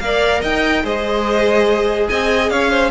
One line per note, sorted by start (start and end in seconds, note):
0.00 0.42 A#3
0.00 0.84 A#4
0.00 0.41 D5
0.00 0.42 F5
0.41 0.84 D#4
0.41 0.83 D#5
0.41 0.86 G5
0.84 2.09 G#3
0.84 2.91 G#4
0.84 2.09 C5
0.84 2.08 D#5
2.08 2.50 C4
2.08 2.52 D#5
2.08 2.50 G#5
2.50 2.91 C#4
2.50 2.71 C#5
2.50 2.91 F5
2.71 2.91 C5